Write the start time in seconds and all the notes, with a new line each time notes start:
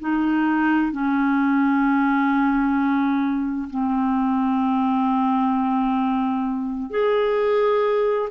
0.00 D#4
0.92 C#4
3.71 C4
6.91 G#4